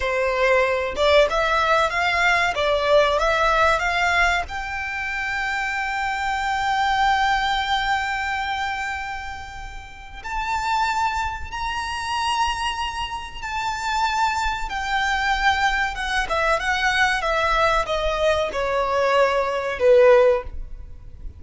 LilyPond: \new Staff \with { instrumentName = "violin" } { \time 4/4 \tempo 4 = 94 c''4. d''8 e''4 f''4 | d''4 e''4 f''4 g''4~ | g''1~ | g''1 |
a''2 ais''2~ | ais''4 a''2 g''4~ | g''4 fis''8 e''8 fis''4 e''4 | dis''4 cis''2 b'4 | }